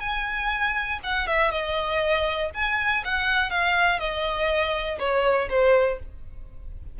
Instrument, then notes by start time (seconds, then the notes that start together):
violin
0.00 G#5
1.03 F#5
1.27 E5
1.51 D#5
2.54 G#5
3.05 F#5
3.50 F5
3.99 D#5
4.99 C#5
5.50 C5